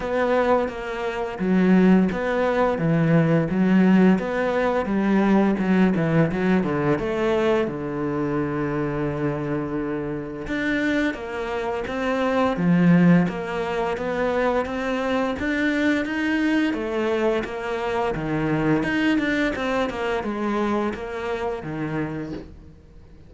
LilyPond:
\new Staff \with { instrumentName = "cello" } { \time 4/4 \tempo 4 = 86 b4 ais4 fis4 b4 | e4 fis4 b4 g4 | fis8 e8 fis8 d8 a4 d4~ | d2. d'4 |
ais4 c'4 f4 ais4 | b4 c'4 d'4 dis'4 | a4 ais4 dis4 dis'8 d'8 | c'8 ais8 gis4 ais4 dis4 | }